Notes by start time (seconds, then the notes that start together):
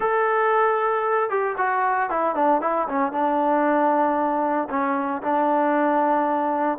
0.00 A4
1.29 G4
1.57 F#4
2.10 E4
2.35 D4
2.61 E4
2.88 C#4
3.11 D4
4.69 C#4
5.22 D4